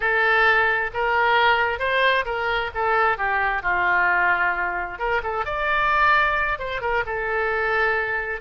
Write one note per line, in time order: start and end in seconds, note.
0.00 0.90 A4
0.93 1.79 A#4
1.79 2.24 C5
2.25 2.70 A#4
2.74 3.17 A4
3.17 3.62 G4
3.62 4.98 F4
4.99 5.21 A#4
5.23 5.45 A4
5.45 6.58 D5
6.58 6.81 C5
6.81 7.03 A#4
7.06 8.40 A4